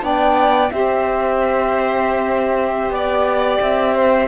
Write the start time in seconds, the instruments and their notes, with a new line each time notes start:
0.00 cello B3, saxophone D4, violin D5, flute G5
0.70 cello C4, saxophone G4, violin C5, flute E5
2.90 cello B3, flute D5, violin D5
3.61 cello C4, flute E5
3.95 violin C5